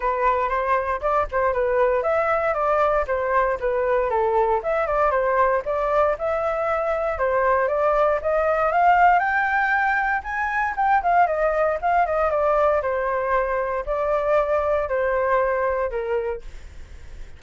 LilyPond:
\new Staff \with { instrumentName = "flute" } { \time 4/4 \tempo 4 = 117 b'4 c''4 d''8 c''8 b'4 | e''4 d''4 c''4 b'4 | a'4 e''8 d''8 c''4 d''4 | e''2 c''4 d''4 |
dis''4 f''4 g''2 | gis''4 g''8 f''8 dis''4 f''8 dis''8 | d''4 c''2 d''4~ | d''4 c''2 ais'4 | }